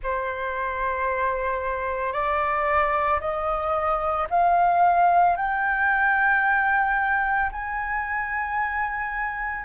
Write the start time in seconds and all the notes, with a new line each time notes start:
0.03 C5
2.12 D5
3.20 D#5
4.30 F5
5.36 G5
7.52 G#5